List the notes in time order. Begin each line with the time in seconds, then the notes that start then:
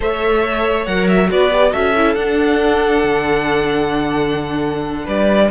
0.00 A3 A4 C#5 E5
0.86 F#3 A#4 F#5
1.08 E5
1.28 B3 F#4 B4 D5
1.50 G4
1.71 C#4 F#4 A4 E5
1.95 E4
2.14 D4 F#5
3.03 D3
5.04 G3 B4 D5